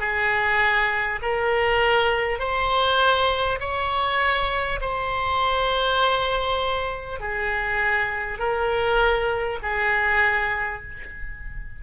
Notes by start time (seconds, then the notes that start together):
0.00 G#4
1.22 A#4
2.39 C5
3.61 C#5
4.81 C5
7.20 G#4
8.39 A#4
9.63 G#4